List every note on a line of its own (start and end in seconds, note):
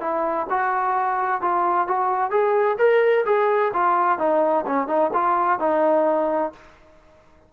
0.00 0.47 E4
0.49 1.41 F#4
1.41 1.87 F4
1.87 2.30 F#4
2.30 2.77 G#4
2.78 3.25 A#4
3.25 3.72 G#4
3.73 4.18 F4
4.18 4.65 D#4
4.66 4.87 C#4
4.87 5.10 D#4
5.13 5.59 F4
5.59 6.52 D#4